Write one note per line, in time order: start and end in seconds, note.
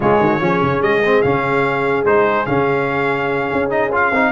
0.00 0.20 C#3
0.00 0.40 G#3
0.00 0.19 F4
0.00 0.82 C#5
0.20 0.40 D#3
0.20 0.40 F#4
0.40 0.61 F3
0.40 1.02 C#4
0.40 4.31 G#4
0.62 0.81 C#3
0.81 1.23 G#3
0.81 1.22 D#5
1.04 1.24 C4
1.22 2.04 C#3
1.22 2.05 C#4
1.22 2.04 F5
2.04 2.45 G#3
2.04 2.46 D#4
2.04 2.45 C5
2.45 3.49 C#3
2.45 3.69 C#4
2.45 3.69 F5
3.52 4.11 C#4
3.69 3.90 D#4
3.69 3.91 D#5
3.92 4.12 F4
3.92 4.32 F5
4.11 4.32 C4
4.11 4.32 D#4